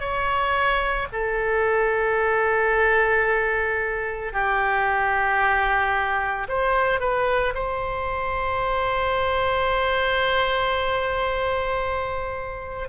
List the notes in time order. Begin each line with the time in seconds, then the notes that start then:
0.00 C#5
1.12 A4
4.33 G4
6.48 C5
7.00 B4
7.54 C5